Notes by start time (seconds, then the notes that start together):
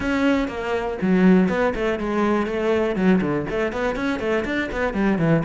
0.00 C#4
0.48 A#3
1.01 F#3
1.48 B3
1.74 A3
1.99 G#3
2.46 A3
2.95 F#3
3.21 D3
3.50 A3
3.72 B3
3.95 C#4
4.19 A3
4.44 D4
4.72 B3
4.93 G3
5.18 E3